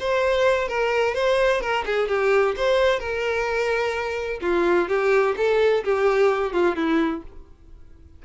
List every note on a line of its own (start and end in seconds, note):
0.00 0.68 C5
0.68 1.15 A#4
1.15 1.61 C5
1.61 1.85 A#4
1.86 2.08 G#4
2.08 2.55 G4
2.57 2.99 C5
2.99 4.40 A#4
4.41 4.88 F4
4.89 5.35 G4
5.37 5.84 A4
5.84 6.52 G4
6.52 6.76 F4
6.76 7.23 E4